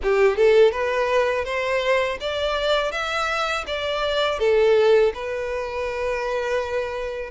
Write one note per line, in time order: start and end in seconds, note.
0.03 0.36 G4
0.36 0.71 A4
0.71 1.44 B4
1.44 2.18 C5
2.20 2.91 D5
2.91 3.65 E5
3.67 4.39 D5
4.39 5.12 A4
5.14 7.30 B4